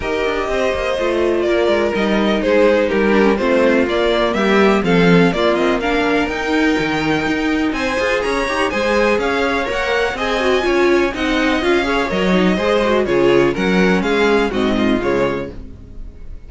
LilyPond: <<
  \new Staff \with { instrumentName = "violin" } { \time 4/4 \tempo 4 = 124 dis''2. d''4 | dis''4 c''4 ais'4 c''4 | d''4 e''4 f''4 d''8 dis''8 | f''4 g''2. |
gis''4 ais''4 gis''4 f''4 | fis''4 gis''2 fis''4 | f''4 dis''2 cis''4 | fis''4 f''4 dis''4 cis''4 | }
  \new Staff \with { instrumentName = "violin" } { \time 4/4 ais'4 c''2 ais'4~ | ais'4 gis'4 g'4 f'4~ | f'4 g'4 a'4 f'4 | ais'1 |
c''4 cis''4 c''4 cis''4~ | cis''4 dis''4 cis''4 dis''4~ | dis''8 cis''4. c''4 gis'4 | ais'4 gis'4 fis'8 f'4. | }
  \new Staff \with { instrumentName = "viola" } { \time 4/4 g'2 f'2 | dis'2~ dis'8 d'16 cis'16 c'4 | ais2 c'4 ais8 c'8 | d'4 dis'2.~ |
dis'8 gis'4 g'8 gis'2 | ais'4 gis'8 fis'8 f'4 dis'4 | f'8 gis'8 ais'8 dis'8 gis'8 fis'8 f'4 | cis'2 c'4 gis4 | }
  \new Staff \with { instrumentName = "cello" } { \time 4/4 dis'8 d'8 c'8 ais8 a4 ais8 gis8 | g4 gis4 g4 a4 | ais4 g4 f4 ais4~ | ais4 dis'4 dis4 dis'4 |
c'8 f'8 cis'8 dis'8 gis4 cis'4 | ais4 c'4 cis'4 c'4 | cis'4 fis4 gis4 cis4 | fis4 gis4 gis,4 cis4 | }
>>